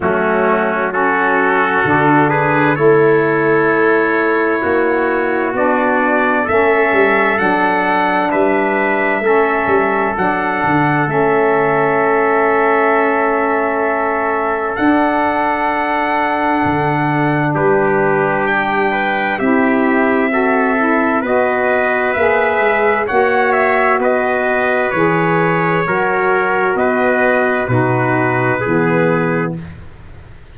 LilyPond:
<<
  \new Staff \with { instrumentName = "trumpet" } { \time 4/4 \tempo 4 = 65 fis'4 a'4. b'8 cis''4~ | cis''2 d''4 e''4 | fis''4 e''2 fis''4 | e''1 |
fis''2. b'4 | g''4 e''2 dis''4 | e''4 fis''8 e''8 dis''4 cis''4~ | cis''4 dis''4 b'2 | }
  \new Staff \with { instrumentName = "trumpet" } { \time 4/4 cis'4 fis'4. gis'8 a'4~ | a'4 fis'2 a'4~ | a'4 b'4 a'2~ | a'1~ |
a'2. g'4~ | g'8 b'8 g'4 a'4 b'4~ | b'4 cis''4 b'2 | ais'4 b'4 fis'4 gis'4 | }
  \new Staff \with { instrumentName = "saxophone" } { \time 4/4 a4 cis'4 d'4 e'4~ | e'2 d'4 cis'4 | d'2 cis'4 d'4 | cis'1 |
d'1~ | d'4 e'4 fis'8 e'8 fis'4 | gis'4 fis'2 gis'4 | fis'2 dis'4 b4 | }
  \new Staff \with { instrumentName = "tuba" } { \time 4/4 fis2 d4 a4~ | a4 ais4 b4 a8 g8 | fis4 g4 a8 g8 fis8 d8 | a1 |
d'2 d4 g4~ | g4 c'2 b4 | ais8 gis8 ais4 b4 e4 | fis4 b4 b,4 e4 | }
>>